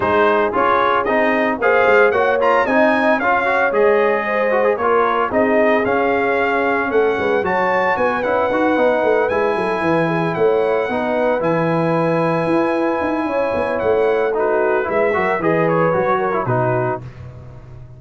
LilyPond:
<<
  \new Staff \with { instrumentName = "trumpet" } { \time 4/4 \tempo 4 = 113 c''4 cis''4 dis''4 f''4 | fis''8 ais''8 gis''4 f''4 dis''4~ | dis''4 cis''4 dis''4 f''4~ | f''4 fis''4 a''4 gis''8 fis''8~ |
fis''4. gis''2 fis''8~ | fis''4. gis''2~ gis''8~ | gis''2 fis''4 b'4 | e''4 dis''8 cis''4. b'4 | }
  \new Staff \with { instrumentName = "horn" } { \time 4/4 gis'2. c''4 | cis''4 dis''4 cis''2 | c''4 ais'4 gis'2~ | gis'4 a'8 b'8 cis''4 b'4~ |
b'2 a'8 b'8 gis'8 cis''8~ | cis''8 b'2.~ b'8~ | b'4 cis''2 fis'4 | b'8 ais'8 b'4. ais'8 fis'4 | }
  \new Staff \with { instrumentName = "trombone" } { \time 4/4 dis'4 f'4 dis'4 gis'4 | fis'8 f'8 dis'4 f'8 fis'8 gis'4~ | gis'8 fis'16 gis'16 f'4 dis'4 cis'4~ | cis'2 fis'4. e'8 |
fis'8 dis'4 e'2~ e'8~ | e'8 dis'4 e'2~ e'8~ | e'2. dis'4 | e'8 fis'8 gis'4 fis'8. e'16 dis'4 | }
  \new Staff \with { instrumentName = "tuba" } { \time 4/4 gis4 cis'4 c'4 ais8 gis8 | ais4 c'4 cis'4 gis4~ | gis4 ais4 c'4 cis'4~ | cis'4 a8 gis8 fis4 b8 cis'8 |
dis'8 b8 a8 gis8 fis8 e4 a8~ | a8 b4 e2 e'8~ | e'8 dis'8 cis'8 b8 a2 | gis8 fis8 e4 fis4 b,4 | }
>>